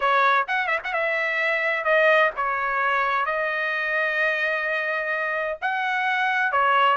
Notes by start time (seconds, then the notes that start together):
0.00 C#5
0.47 F#5
0.67 E5
0.84 F#5
0.93 E5
1.84 D#5
2.36 C#5
3.25 D#5
5.61 F#5
6.52 C#5